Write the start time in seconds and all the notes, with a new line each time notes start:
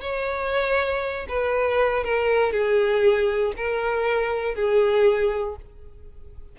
0.00 C#5
1.28 B4
2.03 A#4
2.52 G#4
3.56 A#4
4.55 G#4